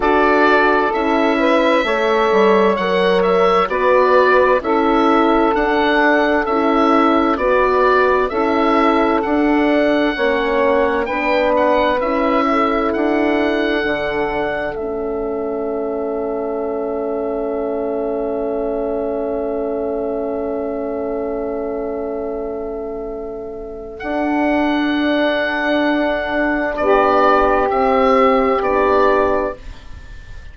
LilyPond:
<<
  \new Staff \with { instrumentName = "oboe" } { \time 4/4 \tempo 4 = 65 d''4 e''2 fis''8 e''8 | d''4 e''4 fis''4 e''4 | d''4 e''4 fis''2 | g''8 fis''8 e''4 fis''2 |
e''1~ | e''1~ | e''2 fis''2~ | fis''4 d''4 e''4 d''4 | }
  \new Staff \with { instrumentName = "saxophone" } { \time 4/4 a'4. b'8 cis''2 | b'4 a'2. | b'4 a'2 cis''4 | b'4. a'2~ a'8~ |
a'1~ | a'1~ | a'1~ | a'4 g'2. | }
  \new Staff \with { instrumentName = "horn" } { \time 4/4 fis'4 e'4 a'4 ais'4 | fis'4 e'4 d'4 e'4 | fis'4 e'4 d'4 cis'4 | d'4 e'2 d'4 |
cis'1~ | cis'1~ | cis'2 d'2~ | d'2 c'4 d'4 | }
  \new Staff \with { instrumentName = "bassoon" } { \time 4/4 d'4 cis'4 a8 g8 fis4 | b4 cis'4 d'4 cis'4 | b4 cis'4 d'4 ais4 | b4 cis'4 d'4 d4 |
a1~ | a1~ | a2 d'2~ | d'4 b4 c'4 b4 | }
>>